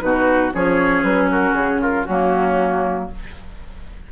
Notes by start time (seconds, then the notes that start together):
0.00 B2 D#4 F#4 B4
0.53 F3 C#4 G#4 C#5
1.03 F#3 B4
1.31 F#4 A#4
1.53 C#3 G#4
1.81 F4 A#4
2.05 F#3 A#3 C#4 F#4